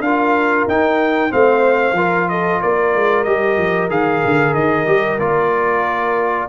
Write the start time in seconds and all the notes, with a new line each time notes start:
0.00 D4 F4 A#4 F5
0.67 D#4 G5
1.30 A3 C4 C5 F5
1.92 F3 F4 A#4
2.29 A4 D#5
2.61 A#3 A#4 D5
2.95 G#3
3.24 G3 G4 D#5
3.57 F3
3.89 D#3 G#4 F5
4.25 D3
4.54 D#3 D#5
4.86 G3 G4
5.19 A#3 F4 D5